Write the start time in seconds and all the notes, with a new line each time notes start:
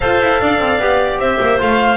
0.00 F4 A4 C5 F5
0.21 E4
0.40 D4 D5
0.59 C4
0.78 B3 G4
1.18 C4 C5 E5
1.40 A#3
1.58 A3 F4 F5